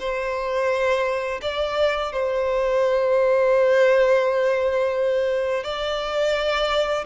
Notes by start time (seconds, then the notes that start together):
0.00 C5
1.42 D5
2.13 C5
5.64 D5